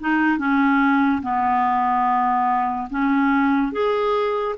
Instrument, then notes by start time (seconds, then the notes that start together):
clarinet
0.00 D#4
0.37 C#4
1.22 B3
2.90 C#4
3.72 G#4